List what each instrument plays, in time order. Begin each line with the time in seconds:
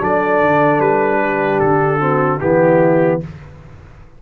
0.00 tuba F#3, trombone D4, horn A4, trumpet D5
0.42 tuba D3
0.80 tuba G3, trumpet B4
1.21 horn G4
1.60 tuba D3, trumpet A4
2.00 trombone C4, horn F#4
2.41 tuba E3, trombone B3, horn E4, trumpet G4